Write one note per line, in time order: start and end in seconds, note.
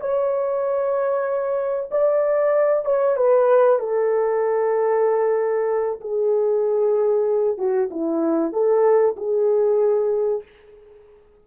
0.00 1.89 C#5
1.91 2.84 D5
2.84 3.16 C#5
3.16 3.79 B4
3.79 6.00 A4
6.00 7.58 G#4
7.58 7.89 F#4
7.90 8.52 E4
8.52 9.16 A4
9.16 10.42 G#4